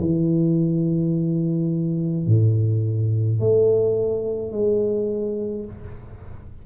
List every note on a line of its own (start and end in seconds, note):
0.00 2.26 E3
2.26 3.40 A2
3.40 4.52 A3
4.52 5.65 G#3